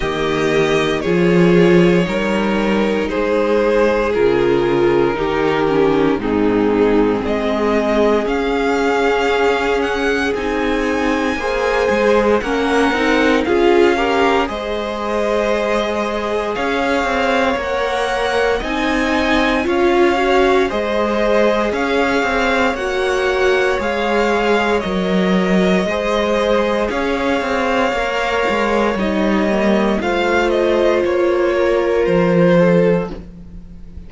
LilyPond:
<<
  \new Staff \with { instrumentName = "violin" } { \time 4/4 \tempo 4 = 58 dis''4 cis''2 c''4 | ais'2 gis'4 dis''4 | f''4. fis''8 gis''2 | fis''4 f''4 dis''2 |
f''4 fis''4 gis''4 f''4 | dis''4 f''4 fis''4 f''4 | dis''2 f''2 | dis''4 f''8 dis''8 cis''4 c''4 | }
  \new Staff \with { instrumentName = "violin" } { \time 4/4 g'4 gis'4 ais'4 gis'4~ | gis'4 g'4 dis'4 gis'4~ | gis'2. c''4 | ais'4 gis'8 ais'8 c''2 |
cis''2 dis''4 cis''4 | c''4 cis''2.~ | cis''4 c''4 cis''2~ | cis''4 c''4. ais'4 a'8 | }
  \new Staff \with { instrumentName = "viola" } { \time 4/4 ais4 f'4 dis'2 | f'4 dis'8 cis'8 c'2 | cis'2 dis'4 gis'4 | cis'8 dis'8 f'8 g'8 gis'2~ |
gis'4 ais'4 dis'4 f'8 fis'8 | gis'2 fis'4 gis'4 | ais'4 gis'2 ais'4 | dis'8 ais8 f'2. | }
  \new Staff \with { instrumentName = "cello" } { \time 4/4 dis4 f4 g4 gis4 | cis4 dis4 gis,4 gis4 | cis'2 c'4 ais8 gis8 | ais8 c'8 cis'4 gis2 |
cis'8 c'8 ais4 c'4 cis'4 | gis4 cis'8 c'8 ais4 gis4 | fis4 gis4 cis'8 c'8 ais8 gis8 | g4 a4 ais4 f4 | }
>>